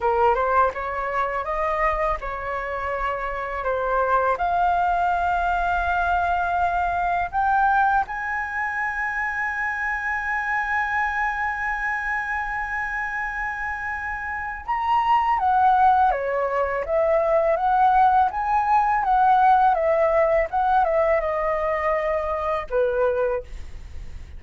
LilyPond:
\new Staff \with { instrumentName = "flute" } { \time 4/4 \tempo 4 = 82 ais'8 c''8 cis''4 dis''4 cis''4~ | cis''4 c''4 f''2~ | f''2 g''4 gis''4~ | gis''1~ |
gis''1 | ais''4 fis''4 cis''4 e''4 | fis''4 gis''4 fis''4 e''4 | fis''8 e''8 dis''2 b'4 | }